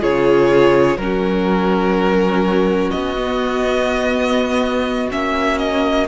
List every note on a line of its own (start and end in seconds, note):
0.00 0.97 C#3
0.00 0.97 F4
0.00 0.97 G#4
0.00 0.97 C#5
0.97 2.90 F#3
0.97 3.15 C#4
0.97 2.91 A#4
1.03 6.08 F#4
2.91 5.11 B3
2.91 5.08 D#5
3.15 5.09 B3
5.09 6.08 A#3
5.09 6.06 C#4
5.09 5.58 E5
5.58 6.06 D#5